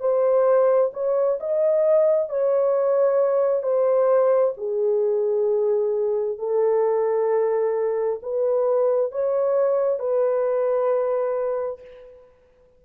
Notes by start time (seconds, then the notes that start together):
0.00 C5
0.93 C#5
1.40 D#5
2.29 C#5
3.63 C5
4.57 G#4
6.38 A4
8.22 B4
9.12 C#5
9.99 B4